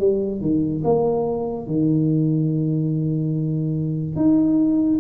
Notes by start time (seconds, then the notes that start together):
0.00 G3
0.42 D#3
0.84 A#3
1.67 D#3
4.16 D#4